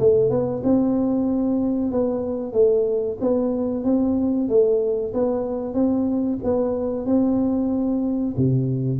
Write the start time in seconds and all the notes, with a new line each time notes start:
0.00 A3
0.30 B3
0.64 C4
1.92 B3
2.53 A3
3.21 B3
3.84 C4
4.49 A3
5.14 B3
5.74 C4
6.44 B3
7.06 C4
8.37 C3